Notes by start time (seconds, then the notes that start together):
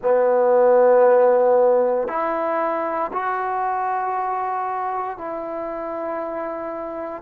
0.02 B3
2.07 E4
3.13 F#4
5.17 E4